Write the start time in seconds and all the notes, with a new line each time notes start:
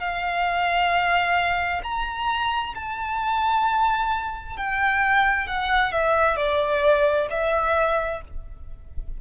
0.00 F5
1.83 A#5
2.75 A5
4.57 G5
5.48 F#5
5.93 E5
6.37 D5
7.31 E5